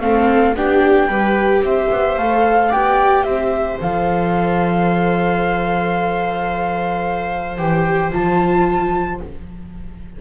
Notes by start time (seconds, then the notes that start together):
0.00 A3 C4 A4 F5
0.54 B3 D4 G4 G5
1.07 G3 G4 B4
1.60 C4 C5 E5
1.91 B3
2.17 A3 A4 F5
2.69 B3 G4 D5 G5
3.23 C4 C5 E5
3.80 F3 A4 F5
7.57 E3 G4 G5
8.11 F3 F4 A5